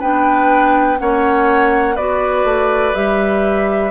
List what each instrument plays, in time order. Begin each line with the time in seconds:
0.00 bassoon B3, clarinet D4, oboe B4, flute G5
0.98 bassoon A#3, clarinet C#4, oboe C#5, flute F#5
1.95 bassoon B3, clarinet F#4, oboe B4, flute D5
2.44 bassoon A3
2.94 bassoon G3, clarinet G4, flute E5